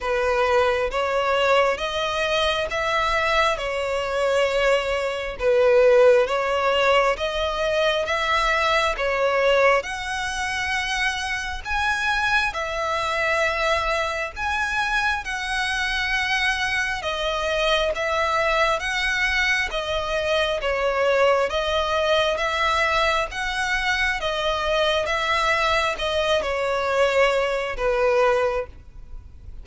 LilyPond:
\new Staff \with { instrumentName = "violin" } { \time 4/4 \tempo 4 = 67 b'4 cis''4 dis''4 e''4 | cis''2 b'4 cis''4 | dis''4 e''4 cis''4 fis''4~ | fis''4 gis''4 e''2 |
gis''4 fis''2 dis''4 | e''4 fis''4 dis''4 cis''4 | dis''4 e''4 fis''4 dis''4 | e''4 dis''8 cis''4. b'4 | }